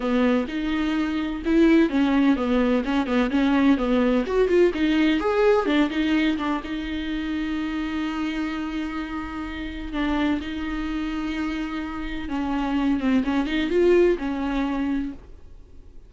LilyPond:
\new Staff \with { instrumentName = "viola" } { \time 4/4 \tempo 4 = 127 b4 dis'2 e'4 | cis'4 b4 cis'8 b8 cis'4 | b4 fis'8 f'8 dis'4 gis'4 | d'8 dis'4 d'8 dis'2~ |
dis'1~ | dis'4 d'4 dis'2~ | dis'2 cis'4. c'8 | cis'8 dis'8 f'4 cis'2 | }